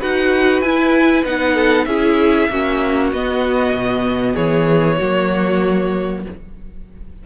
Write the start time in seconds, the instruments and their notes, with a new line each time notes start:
0.00 cello D#4, viola F#4, violin B4 F#5
0.62 cello E4, viola E4, violin G#5
1.25 cello B3, viola D#4, violin F#5
1.54 violin A4
1.86 cello C#4, viola E4, violin G#4 E5
2.50 cello A#3, viola C#4, violin F#4
3.13 cello B3, viola B3, violin D#5
3.73 cello B2
4.35 cello E3, violin G#4 C#5
4.98 cello F#3, viola A#3, violin F#4